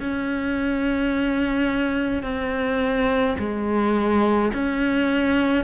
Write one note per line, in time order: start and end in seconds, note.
0.00 2.23 C#4
2.23 3.36 C4
3.39 4.52 G#3
4.53 5.64 C#4